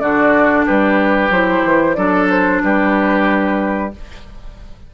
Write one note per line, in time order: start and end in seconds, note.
0.00 0.66 D3
0.00 1.31 D4
0.00 0.66 F#4
0.00 0.65 D5
0.66 1.30 G3
0.66 1.97 G4
0.66 1.32 B4
1.30 1.63 F#3
1.30 1.96 E4
1.30 1.95 C5
1.64 1.97 E3
1.95 2.62 F#3
1.95 3.91 D4
1.95 2.62 A4
1.95 2.27 D5
2.30 2.63 C5
2.63 3.94 G3
2.63 3.94 G4
2.63 3.93 B4